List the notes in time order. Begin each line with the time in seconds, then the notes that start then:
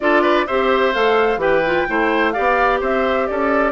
0.00 D4 F4 A4 D5
0.22 B4
0.46 C4 G4 C5 E5
0.93 A3 A4 F5
1.36 E3 G4 B4 G5
1.65 F4
1.87 A3 E4 C5
2.31 G4 D5 F5
2.38 B3
2.80 C4 C5 E5
3.26 C#4 A4 D5